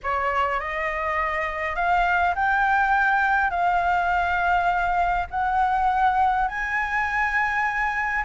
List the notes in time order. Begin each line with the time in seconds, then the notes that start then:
0.03 C#5
0.60 D#5
1.75 F5
2.35 G5
3.50 F5
5.30 F#5
6.47 G#5